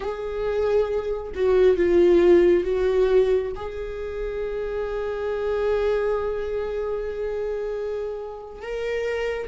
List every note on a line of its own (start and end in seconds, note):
0.00 1.32 G#4
1.34 1.76 F#4
1.76 2.64 F4
2.64 3.52 F#4
3.55 8.61 G#4
8.61 9.48 A#4